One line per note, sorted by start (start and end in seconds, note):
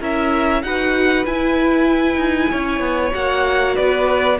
0.00 0.63 C#4
0.00 0.63 E4
0.00 0.62 A#4
0.00 0.63 E5
0.63 1.25 D#4
0.63 1.26 F#4
0.63 2.51 B4
0.63 1.25 F#5
1.26 3.12 E4
1.26 2.16 E4
1.26 3.13 G#5
2.16 2.48 D#4
2.51 2.79 C#4
2.51 3.76 C#5
2.79 3.11 B3
3.12 3.77 A#3
3.12 4.38 F#4
3.12 3.76 F#5
3.76 4.40 B3
3.76 4.38 B4
3.76 4.38 D5